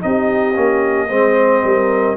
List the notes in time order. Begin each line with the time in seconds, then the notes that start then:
0.00 C4 D#4 G4 D#5
0.55 A#3 C#4
1.08 G#3 C4 C5
1.64 G3 A#4